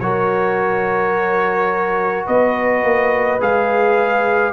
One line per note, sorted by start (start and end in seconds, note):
0.00 2.27 F#3
0.00 3.40 F#4
0.00 2.26 A#4
0.00 2.26 C#5
2.26 2.83 B3
2.26 4.53 B4
2.26 3.40 D#5
2.83 3.40 A#3
3.40 4.53 G#3
3.40 4.53 G#4
3.40 4.53 F5